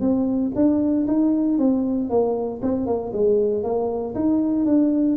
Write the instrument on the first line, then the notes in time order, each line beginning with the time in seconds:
tuba
0.00 C4
0.55 D4
1.07 D#4
1.58 C4
2.09 A#3
2.62 C4
2.86 A#3
3.13 G#3
3.63 A#3
4.14 D#4
4.65 D4